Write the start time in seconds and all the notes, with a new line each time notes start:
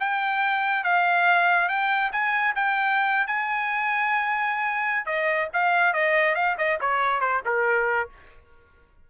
0.00 G5
0.84 F5
1.69 G5
2.13 G#5
2.56 G5
3.27 G#5
5.06 D#5
5.54 F5
5.94 D#5
6.35 F5
6.58 D#5
6.81 C#5
7.21 C5
7.46 A#4